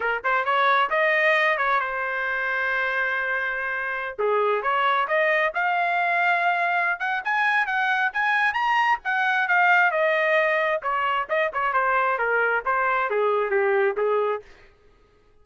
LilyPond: \new Staff \with { instrumentName = "trumpet" } { \time 4/4 \tempo 4 = 133 ais'8 c''8 cis''4 dis''4. cis''8 | c''1~ | c''4~ c''16 gis'4 cis''4 dis''8.~ | dis''16 f''2.~ f''16 fis''8 |
gis''4 fis''4 gis''4 ais''4 | fis''4 f''4 dis''2 | cis''4 dis''8 cis''8 c''4 ais'4 | c''4 gis'4 g'4 gis'4 | }